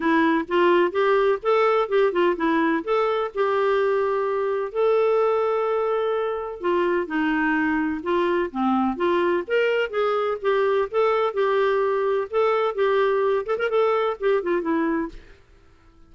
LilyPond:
\new Staff \with { instrumentName = "clarinet" } { \time 4/4 \tempo 4 = 127 e'4 f'4 g'4 a'4 | g'8 f'8 e'4 a'4 g'4~ | g'2 a'2~ | a'2 f'4 dis'4~ |
dis'4 f'4 c'4 f'4 | ais'4 gis'4 g'4 a'4 | g'2 a'4 g'4~ | g'8 a'16 ais'16 a'4 g'8 f'8 e'4 | }